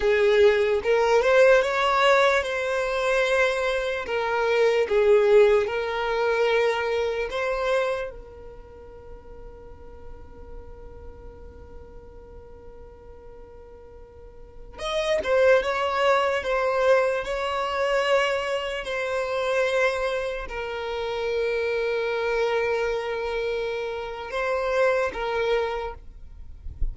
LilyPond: \new Staff \with { instrumentName = "violin" } { \time 4/4 \tempo 4 = 74 gis'4 ais'8 c''8 cis''4 c''4~ | c''4 ais'4 gis'4 ais'4~ | ais'4 c''4 ais'2~ | ais'1~ |
ais'2~ ais'16 dis''8 c''8 cis''8.~ | cis''16 c''4 cis''2 c''8.~ | c''4~ c''16 ais'2~ ais'8.~ | ais'2 c''4 ais'4 | }